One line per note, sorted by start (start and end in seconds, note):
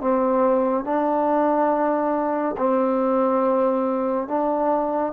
0.00 0.84 C4
0.84 2.56 D4
2.57 4.27 C4
4.27 5.13 D4